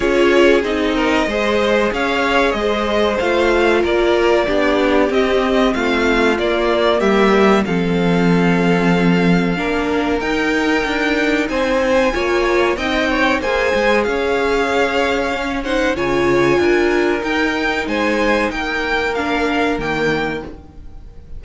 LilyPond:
<<
  \new Staff \with { instrumentName = "violin" } { \time 4/4 \tempo 4 = 94 cis''4 dis''2 f''4 | dis''4 f''4 d''2 | dis''4 f''4 d''4 e''4 | f''1 |
g''2 gis''2 | g''4 gis''4 f''2~ | f''8 fis''8 gis''2 g''4 | gis''4 g''4 f''4 g''4 | }
  \new Staff \with { instrumentName = "violin" } { \time 4/4 gis'4. ais'8 c''4 cis''4 | c''2 ais'4 g'4~ | g'4 f'2 g'4 | a'2. ais'4~ |
ais'2 c''4 cis''4 | dis''8 cis''8 c''4 cis''2~ | cis''8 c''8 cis''4 ais'2 | c''4 ais'2. | }
  \new Staff \with { instrumentName = "viola" } { \time 4/4 f'4 dis'4 gis'2~ | gis'4 f'2 d'4 | c'2 ais2 | c'2. d'4 |
dis'2. f'4 | dis'4 gis'2. | cis'8 dis'8 f'2 dis'4~ | dis'2 d'4 ais4 | }
  \new Staff \with { instrumentName = "cello" } { \time 4/4 cis'4 c'4 gis4 cis'4 | gis4 a4 ais4 b4 | c'4 a4 ais4 g4 | f2. ais4 |
dis'4 d'4 c'4 ais4 | c'4 ais8 gis8 cis'2~ | cis'4 cis4 d'4 dis'4 | gis4 ais2 dis4 | }
>>